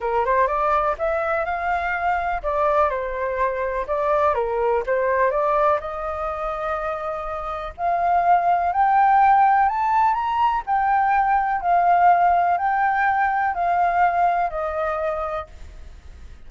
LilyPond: \new Staff \with { instrumentName = "flute" } { \time 4/4 \tempo 4 = 124 ais'8 c''8 d''4 e''4 f''4~ | f''4 d''4 c''2 | d''4 ais'4 c''4 d''4 | dis''1 |
f''2 g''2 | a''4 ais''4 g''2 | f''2 g''2 | f''2 dis''2 | }